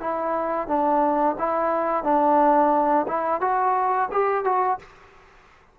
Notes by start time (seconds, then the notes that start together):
0.00 E4
0.68 D4
1.39 E4
2.04 D4
3.07 E4
3.41 F#4
4.12 G4
4.44 F#4